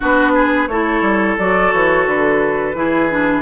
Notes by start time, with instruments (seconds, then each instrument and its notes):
0.00 bassoon B3, clarinet D4, oboe F#4, flute B4
0.34 oboe G#4
0.67 bassoon A3, clarinet E4, oboe A4, flute C#5
1.01 bassoon G3
1.37 bassoon F#3, clarinet F#4, flute D5
1.72 bassoon E3, flute C#5
2.06 bassoon D3, flute B4
2.74 bassoon E3, clarinet E4, oboe G#4
3.09 clarinet D4